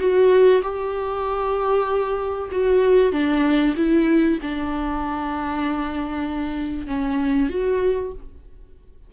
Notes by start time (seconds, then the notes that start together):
0.00 F#4
0.62 G4
2.52 F#4
3.13 D4
3.77 E4
4.43 D4
6.87 C#4
7.50 F#4